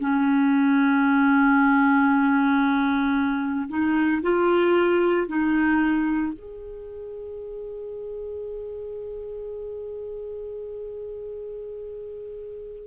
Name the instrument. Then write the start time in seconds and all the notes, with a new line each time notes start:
clarinet
0.00 C#4
3.69 D#4
4.22 F4
5.27 D#4
6.33 G#4